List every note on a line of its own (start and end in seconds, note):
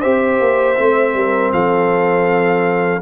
0.00 0.40 C4
0.00 0.76 G4
0.00 1.12 C5
0.00 1.52 E5
0.40 0.77 A#3
0.76 1.14 A3
0.76 3.01 C4
1.14 1.51 G3
1.14 1.53 A#4
1.53 3.02 F3
1.53 3.02 A4
1.53 3.02 F5